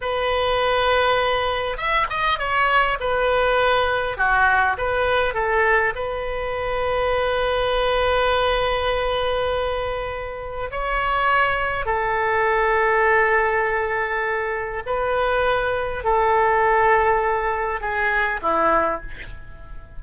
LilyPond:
\new Staff \with { instrumentName = "oboe" } { \time 4/4 \tempo 4 = 101 b'2. e''8 dis''8 | cis''4 b'2 fis'4 | b'4 a'4 b'2~ | b'1~ |
b'2 cis''2 | a'1~ | a'4 b'2 a'4~ | a'2 gis'4 e'4 | }